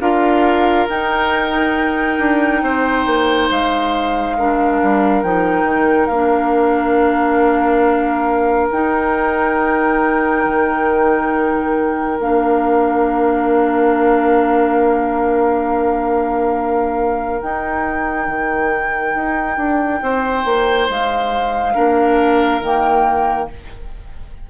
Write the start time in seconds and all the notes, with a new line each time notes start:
0.00 D4 F4 A#4 F5
0.89 D#4 G5
2.19 D4
2.62 C4 C5
3.06 A#3
3.50 G#3 F5
4.38 D4 A#4
4.83 G3
5.23 F3 D#4 G5
5.64 D#3
6.06 A#3 F5
6.14 D4
8.71 D#4 G5
10.45 D#3
12.19 A#3 D4 F5
17.41 D#4 G5
18.27 D#3
19.15 D#4
19.57 D4
20.02 C4 C5
20.45 A#3
20.89 G#3 F5
21.74 A#3 D4 A#4
22.61 D#3 A#3 G5